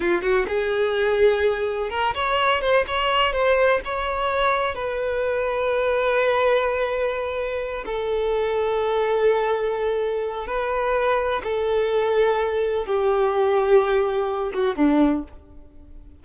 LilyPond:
\new Staff \with { instrumentName = "violin" } { \time 4/4 \tempo 4 = 126 f'8 fis'8 gis'2. | ais'8 cis''4 c''8 cis''4 c''4 | cis''2 b'2~ | b'1~ |
b'8 a'2.~ a'8~ | a'2 b'2 | a'2. g'4~ | g'2~ g'8 fis'8 d'4 | }